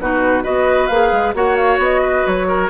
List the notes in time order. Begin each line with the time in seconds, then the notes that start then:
0.00 B2 D#4 F#4 B4
0.43 B3 F#4 B4 D#5
0.87 A#3 G#4 F5
1.12 G#3
1.34 A#3 F#4 C#5 F#5
1.56 F5
1.78 B3 D#5
2.02 B4
2.26 F#3 C#5
2.48 A#4